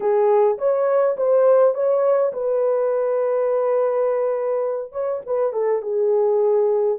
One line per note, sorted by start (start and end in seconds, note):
0.00 0.57 G#4
0.58 1.16 C#5
1.17 1.74 C5
1.74 2.32 C#5
2.32 4.92 B4
4.92 5.21 C#5
5.26 5.52 B4
5.52 5.81 A4
5.81 6.98 G#4